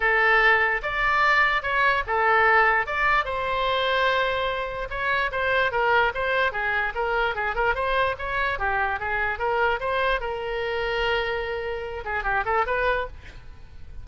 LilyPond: \new Staff \with { instrumentName = "oboe" } { \time 4/4 \tempo 4 = 147 a'2 d''2 | cis''4 a'2 d''4 | c''1 | cis''4 c''4 ais'4 c''4 |
gis'4 ais'4 gis'8 ais'8 c''4 | cis''4 g'4 gis'4 ais'4 | c''4 ais'2.~ | ais'4. gis'8 g'8 a'8 b'4 | }